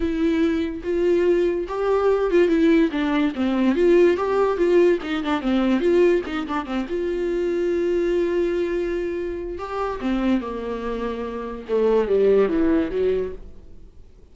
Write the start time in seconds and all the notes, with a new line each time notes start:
0.00 E4
0.83 F4
1.68 G4
2.30 F4
2.48 E4
2.91 D4
3.35 C4
3.75 F4
4.16 G4
4.57 F4
5.02 D#4
5.23 D4
5.41 C4
5.80 F4
6.26 D#4
6.47 D4
6.65 C4
6.88 F4
9.58 G4
10.00 C4
10.40 A#3
11.69 A3
12.08 G3
12.48 E3
12.90 F#3